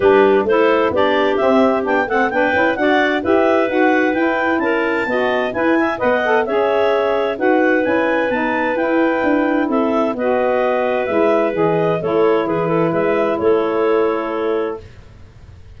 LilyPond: <<
  \new Staff \with { instrumentName = "clarinet" } { \time 4/4 \tempo 4 = 130 b'4 c''4 d''4 e''4 | g''8 fis''8 g''4 fis''4 e''4 | fis''4 g''4 a''2 | gis''4 fis''4 e''2 |
fis''4 gis''4 a''4 g''4~ | g''4 e''4 dis''2 | e''4 dis''4 cis''4 b'4 | e''4 cis''2. | }
  \new Staff \with { instrumentName = "clarinet" } { \time 4/4 g'4 a'4 g'2~ | g'8 a'8 b'4 d''4 b'4~ | b'2 ais'4 dis''4 | b'8 e''8 dis''4 cis''2 |
b'1~ | b'4 a'4 b'2~ | b'2 a'4 gis'8 a'8 | b'4 a'2. | }
  \new Staff \with { instrumentName = "saxophone" } { \time 4/4 d'4 e'4 d'4 c'4 | d'8 c'8 d'8 e'8 fis'4 g'4 | fis'4 e'2 fis'4 | e'4 b'8 a'8 gis'2 |
fis'4 e'4 dis'4 e'4~ | e'2 fis'2 | e'4 gis'4 e'2~ | e'1 | }
  \new Staff \with { instrumentName = "tuba" } { \time 4/4 g4 a4 b4 c'4 | b8 a8 b8 cis'8 d'4 e'4 | dis'4 e'4 cis'4 b4 | e'4 b4 cis'2 |
dis'4 cis'4 b4 e'4 | d'4 c'4 b2 | gis4 e4 a4 e4 | gis4 a2. | }
>>